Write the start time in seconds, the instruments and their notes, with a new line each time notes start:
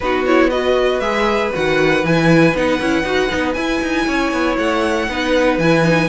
0.00 cello B3, viola D#4, violin F#4 B4
0.26 viola E4, violin C#5
0.50 viola F#4, violin B4 D#5
1.00 cello G#3, viola G#4, violin E5
1.53 cello D#3, viola F#4, violin F#5
2.03 cello E3, viola E4, violin G#5
2.54 cello B3, viola D#4, violin F#5
2.80 cello C#4, viola E4
3.03 cello D#4, viola F#4
3.29 cello B3, viola D#4
3.53 cello E4, viola E4, violin G#5
3.81 cello D#4
4.07 cello C#4, violin C#5
4.32 cello B3
4.58 cello A3, violin F#5
5.08 cello B3, viola D#4, violin B4
5.58 cello E3, viola E4, violin G#5
5.83 viola D#4